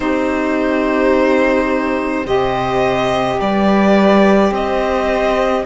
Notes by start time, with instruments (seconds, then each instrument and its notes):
0.00 cello C4, saxophone D#4, viola G4, violin C5
2.24 cello C3, saxophone G4, viola C5, violin D#5
3.38 cello G3, viola B4, violin D5
4.51 cello C4, viola C5, violin D#5